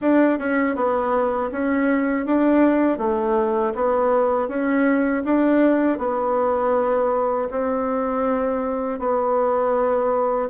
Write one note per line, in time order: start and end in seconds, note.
0.01 0.38 D4
0.39 0.75 C#4
0.75 1.50 B3
1.51 2.26 C#4
2.26 2.98 D4
2.98 3.73 A3
3.74 4.48 B3
4.48 5.23 C#4
5.24 5.98 D4
5.98 7.48 B3
7.50 8.99 C4
8.99 10.49 B3